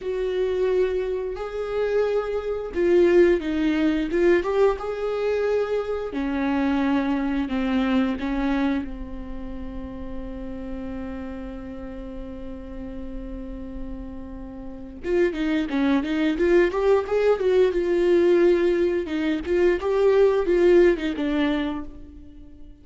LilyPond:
\new Staff \with { instrumentName = "viola" } { \time 4/4 \tempo 4 = 88 fis'2 gis'2 | f'4 dis'4 f'8 g'8 gis'4~ | gis'4 cis'2 c'4 | cis'4 c'2.~ |
c'1~ | c'2 f'8 dis'8 cis'8 dis'8 | f'8 g'8 gis'8 fis'8 f'2 | dis'8 f'8 g'4 f'8. dis'16 d'4 | }